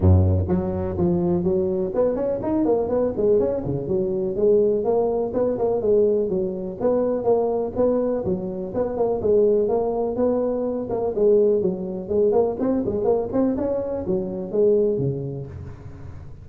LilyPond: \new Staff \with { instrumentName = "tuba" } { \time 4/4 \tempo 4 = 124 fis,4 fis4 f4 fis4 | b8 cis'8 dis'8 ais8 b8 gis8 cis'8 cis8 | fis4 gis4 ais4 b8 ais8 | gis4 fis4 b4 ais4 |
b4 fis4 b8 ais8 gis4 | ais4 b4. ais8 gis4 | fis4 gis8 ais8 c'8 gis8 ais8 c'8 | cis'4 fis4 gis4 cis4 | }